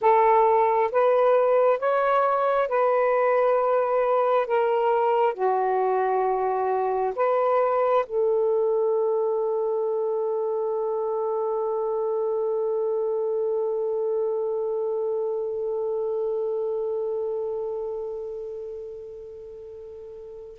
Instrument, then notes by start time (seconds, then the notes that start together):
saxophone
0.01 A4
0.91 B4
1.79 C#5
2.68 B4
4.47 A#4
5.34 F#4
7.15 B4
8.06 A4